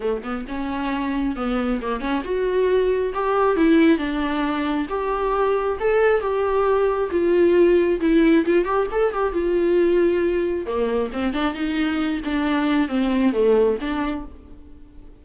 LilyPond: \new Staff \with { instrumentName = "viola" } { \time 4/4 \tempo 4 = 135 a8 b8 cis'2 b4 | ais8 cis'8 fis'2 g'4 | e'4 d'2 g'4~ | g'4 a'4 g'2 |
f'2 e'4 f'8 g'8 | a'8 g'8 f'2. | ais4 c'8 d'8 dis'4. d'8~ | d'4 c'4 a4 d'4 | }